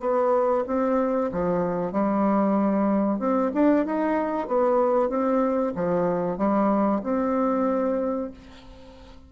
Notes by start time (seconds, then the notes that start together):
0.00 B3
0.67 C4
1.32 F3
1.92 G3
3.19 C4
3.54 D4
3.86 D#4
4.48 B3
5.09 C4
5.75 F3
6.37 G3
7.03 C4